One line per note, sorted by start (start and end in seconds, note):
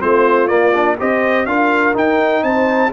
0.00 0.51 A3
0.00 0.48 C4
0.00 0.97 F4
0.00 0.47 C5
0.47 0.72 A#3
0.47 0.99 A#3
0.47 0.95 D5
0.72 0.96 D4
0.99 1.46 C4
0.99 1.47 G4
0.99 1.47 C5
0.99 1.46 D#5
1.46 1.94 D4
1.46 1.93 F4
1.46 2.43 A#4
1.46 1.94 F5
1.93 2.90 D#4
1.93 2.43 D#4
1.93 2.43 G5
2.43 2.91 C4
2.43 2.92 C5
2.43 2.92 A5